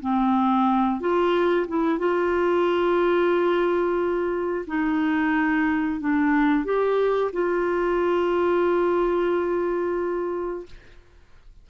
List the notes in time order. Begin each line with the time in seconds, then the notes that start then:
0.00 C4
1.00 F4
1.68 E4
1.98 F4
4.67 D#4
6.00 D4
6.65 G4
7.32 F4